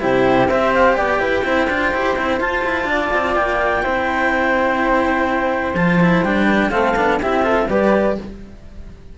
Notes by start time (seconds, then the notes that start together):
0.00 C3 E4 G4 C5
0.48 C4 G4 C5 E5
0.74 F5
0.94 B3 D5 G5
1.19 E4 B4
1.44 C4 E4 C5
1.68 D4 F4
1.92 E4 G4
2.16 C4 E4
2.40 F4 A5
2.64 E4
2.84 D4 D5
3.13 C4
3.35 A#3 G5
3.83 C4 E4 C5
5.74 F3 F4 A5
6.01 E4
6.23 G3 D4 G5
6.45 B4
6.69 A3 C4 A4 F5
6.96 B3 D4
7.21 C4 E4 G4 E5
7.42 F4 A4
7.69 G3 G4 B4 D5